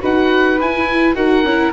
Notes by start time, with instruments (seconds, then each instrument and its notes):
0.00 tuba D#4, viola F#4, flute B4, oboe F#5
0.60 tuba E4, viola E4, oboe G#5
1.14 tuba D#4, viola F#4, flute A#4, oboe F#5
1.43 tuba C#4, viola E4